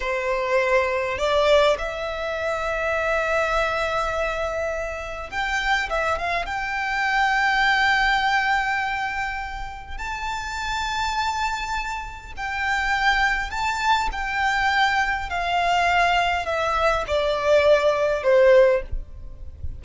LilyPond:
\new Staff \with { instrumentName = "violin" } { \time 4/4 \tempo 4 = 102 c''2 d''4 e''4~ | e''1~ | e''4 g''4 e''8 f''8 g''4~ | g''1~ |
g''4 a''2.~ | a''4 g''2 a''4 | g''2 f''2 | e''4 d''2 c''4 | }